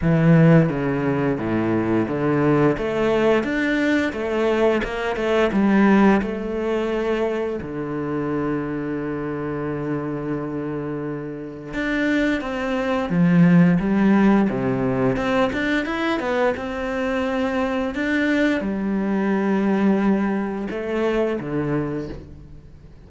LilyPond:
\new Staff \with { instrumentName = "cello" } { \time 4/4 \tempo 4 = 87 e4 cis4 a,4 d4 | a4 d'4 a4 ais8 a8 | g4 a2 d4~ | d1~ |
d4 d'4 c'4 f4 | g4 c4 c'8 d'8 e'8 b8 | c'2 d'4 g4~ | g2 a4 d4 | }